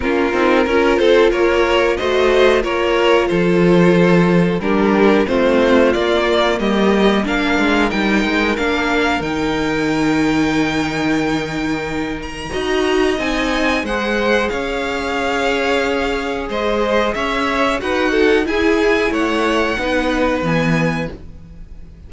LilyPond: <<
  \new Staff \with { instrumentName = "violin" } { \time 4/4 \tempo 4 = 91 ais'4. c''8 cis''4 dis''4 | cis''4 c''2 ais'4 | c''4 d''4 dis''4 f''4 | g''4 f''4 g''2~ |
g''2~ g''8 ais''4. | gis''4 fis''4 f''2~ | f''4 dis''4 e''4 fis''4 | gis''4 fis''2 gis''4 | }
  \new Staff \with { instrumentName = "violin" } { \time 4/4 f'4 ais'8 a'8 ais'4 c''4 | ais'4 a'2 g'4 | f'2 g'4 ais'4~ | ais'1~ |
ais'2. dis''4~ | dis''4 c''4 cis''2~ | cis''4 c''4 cis''4 b'8 a'8 | gis'4 cis''4 b'2 | }
  \new Staff \with { instrumentName = "viola" } { \time 4/4 cis'8 dis'8 f'2 fis'4 | f'2. d'4 | c'4 ais2 d'4 | dis'4 d'4 dis'2~ |
dis'2. fis'4 | dis'4 gis'2.~ | gis'2. fis'4 | e'2 dis'4 b4 | }
  \new Staff \with { instrumentName = "cello" } { \time 4/4 ais8 c'8 cis'8 c'8 ais4 a4 | ais4 f2 g4 | a4 ais4 g4 ais8 gis8 | g8 gis8 ais4 dis2~ |
dis2. dis'4 | c'4 gis4 cis'2~ | cis'4 gis4 cis'4 dis'4 | e'4 a4 b4 e4 | }
>>